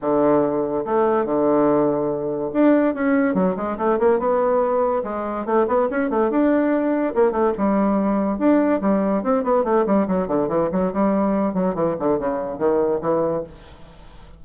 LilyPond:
\new Staff \with { instrumentName = "bassoon" } { \time 4/4 \tempo 4 = 143 d2 a4 d4~ | d2 d'4 cis'4 | fis8 gis8 a8 ais8 b2 | gis4 a8 b8 cis'8 a8 d'4~ |
d'4 ais8 a8 g2 | d'4 g4 c'8 b8 a8 g8 | fis8 d8 e8 fis8 g4. fis8 | e8 d8 cis4 dis4 e4 | }